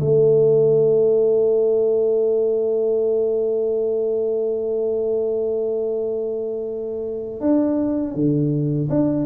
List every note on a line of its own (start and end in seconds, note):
0.00 7.40 A3
7.40 8.14 D4
8.14 8.89 D3
8.89 9.26 D4